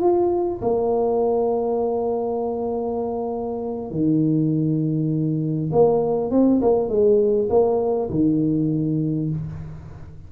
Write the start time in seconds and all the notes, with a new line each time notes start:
0.00 F4
0.61 A#3
3.91 D#3
5.72 A#3
6.30 C4
6.61 A#3
6.88 G#3
7.49 A#3
8.10 D#3